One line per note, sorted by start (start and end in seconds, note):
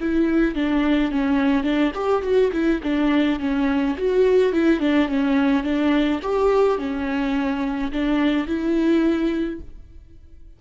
0.00 0.55 E4
0.55 1.11 D4
1.11 1.63 C#4
1.63 1.92 D4
1.94 2.22 G4
2.22 2.51 F#4
2.52 2.80 E4
2.83 3.39 D4
3.39 3.96 C#4
3.97 4.52 F#4
4.52 4.80 E4
4.80 5.08 D4
5.08 5.63 C#4
5.63 6.20 D4
6.22 6.78 G4
6.78 7.91 C#4
7.91 8.47 D4
8.47 9.60 E4